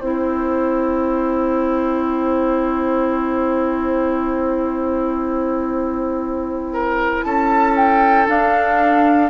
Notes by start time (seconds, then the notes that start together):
0.00 C4 E4 C5 G5
6.73 A#4
7.23 C#4 A4 A5
7.76 G5
8.27 D4 F5